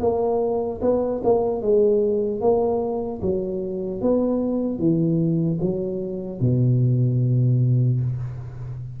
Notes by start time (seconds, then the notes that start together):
0.00 A#3
0.81 B3
1.23 A#3
1.61 G#3
2.40 A#3
3.21 F#3
4.01 B3
4.78 E3
5.60 F#3
6.40 B2